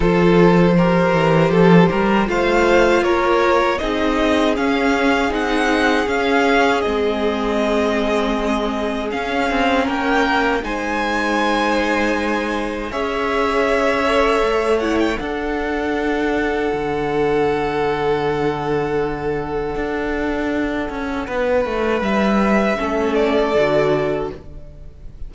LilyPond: <<
  \new Staff \with { instrumentName = "violin" } { \time 4/4 \tempo 4 = 79 c''2. f''4 | cis''4 dis''4 f''4 fis''4 | f''4 dis''2. | f''4 g''4 gis''2~ |
gis''4 e''2~ e''8 fis''16 g''16 | fis''1~ | fis''1~ | fis''4 e''4. d''4. | }
  \new Staff \with { instrumentName = "violin" } { \time 4/4 a'4 ais'4 a'8 ais'8 c''4 | ais'4 gis'2.~ | gis'1~ | gis'4 ais'4 c''2~ |
c''4 cis''2. | a'1~ | a'1 | b'2 a'2 | }
  \new Staff \with { instrumentName = "viola" } { \time 4/4 f'4 g'2 f'4~ | f'4 dis'4 cis'4 dis'4 | cis'4 c'2. | cis'2 dis'2~ |
dis'4 gis'4. a'4 e'8 | d'1~ | d'1~ | d'2 cis'4 fis'4 | }
  \new Staff \with { instrumentName = "cello" } { \time 4/4 f4. e8 f8 g8 a4 | ais4 c'4 cis'4 c'4 | cis'4 gis2. | cis'8 c'8 ais4 gis2~ |
gis4 cis'2 a4 | d'2 d2~ | d2 d'4. cis'8 | b8 a8 g4 a4 d4 | }
>>